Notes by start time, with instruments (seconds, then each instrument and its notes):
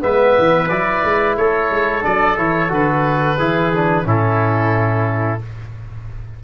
0.00 tuba G#3, trombone B3, trumpet B4, oboe E5
0.38 tuba E3
0.69 tuba F#3, trombone E4, oboe D5
1.04 tuba G#3
1.37 tuba A3, trumpet A4, oboe C#5
1.71 tuba G#3
2.02 tuba F#3, trombone D4, oboe D5
2.37 tuba E3, trombone E4, oboe C#5
2.69 tuba D3, trombone F#4, oboe B4
3.38 tuba E3, trombone E4, trumpet G#4
3.73 trombone D4
4.04 tuba A2, trombone C#4, trumpet E4, oboe A4